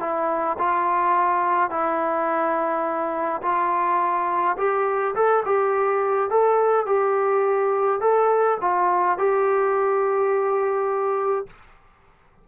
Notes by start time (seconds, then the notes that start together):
0.00 E4
0.59 F4
1.70 E4
3.43 F4
4.58 G4
5.15 A4
5.46 G4
6.30 A4
6.86 G4
8.01 A4
8.61 F4
9.18 G4